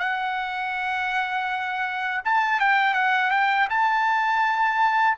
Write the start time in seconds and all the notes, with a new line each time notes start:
0.00 F#5
2.25 A5
2.61 G5
2.95 F#5
3.31 G5
3.70 A5